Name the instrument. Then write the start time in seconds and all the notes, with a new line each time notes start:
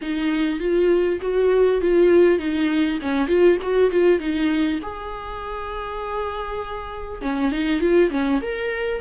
viola
0.01 D#4
0.59 F4
1.21 F#4
1.81 F4
2.38 D#4
3.01 C#4
3.27 F4
3.62 F#4
3.91 F4
4.19 D#4
4.82 G#4
7.21 C#4
7.51 D#4
7.80 F4
8.10 C#4
8.41 A#4